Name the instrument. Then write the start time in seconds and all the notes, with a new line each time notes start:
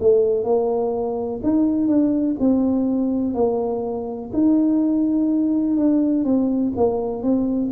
tuba
0.00 A3
0.44 A#3
1.43 D#4
1.88 D4
2.40 C4
3.34 A#3
4.33 D#4
5.77 D4
6.25 C4
6.77 A#3
7.23 C4